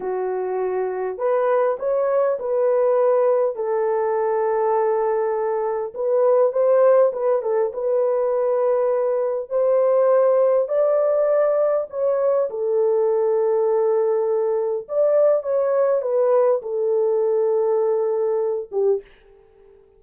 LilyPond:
\new Staff \with { instrumentName = "horn" } { \time 4/4 \tempo 4 = 101 fis'2 b'4 cis''4 | b'2 a'2~ | a'2 b'4 c''4 | b'8 a'8 b'2. |
c''2 d''2 | cis''4 a'2.~ | a'4 d''4 cis''4 b'4 | a'2.~ a'8 g'8 | }